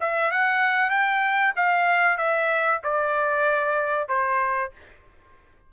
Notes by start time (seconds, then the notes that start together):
0.00 E5
0.31 F#5
0.90 G5
1.56 F5
2.17 E5
2.83 D5
4.08 C5